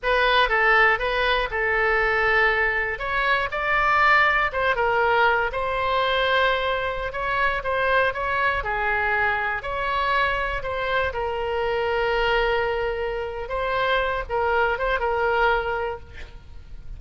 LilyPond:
\new Staff \with { instrumentName = "oboe" } { \time 4/4 \tempo 4 = 120 b'4 a'4 b'4 a'4~ | a'2 cis''4 d''4~ | d''4 c''8 ais'4. c''4~ | c''2~ c''16 cis''4 c''8.~ |
c''16 cis''4 gis'2 cis''8.~ | cis''4~ cis''16 c''4 ais'4.~ ais'16~ | ais'2. c''4~ | c''8 ais'4 c''8 ais'2 | }